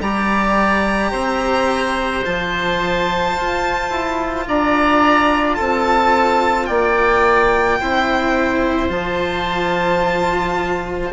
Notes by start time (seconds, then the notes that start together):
0.00 G3 G4 D5 A#5
1.11 C4 C5
2.24 F3 F4 A5
3.36 F4
3.90 E4
4.47 D4 D5 A#5
5.55 C4 A4 A5
6.66 A#3 D5 G5
7.79 C4 E4 C5
8.89 F3 F4 A5